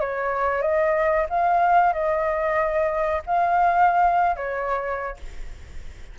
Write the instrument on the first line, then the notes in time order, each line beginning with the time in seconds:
flute
0.00 C#5
0.62 D#5
1.29 F5
1.93 D#5
3.26 F5
4.36 C#5